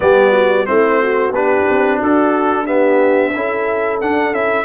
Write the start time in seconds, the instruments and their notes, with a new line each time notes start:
0.00 tuba G3, trombone B3, horn G4, trumpet D5
0.31 horn F#4
0.65 tuba A3, trombone C4, horn E4, trumpet C5
1.01 horn F#4
1.30 tuba B3, trombone D4, horn G4, trumpet B4
1.69 tuba C4
1.97 tuba D4, horn F#4, trumpet A4
2.65 trombone B3, horn G4, trumpet E5
3.34 tuba C#4, trombone E4, horn A4
4.00 tuba D4, trombone D4, trumpet F#5
4.32 tuba C#4, trombone E4, trumpet E5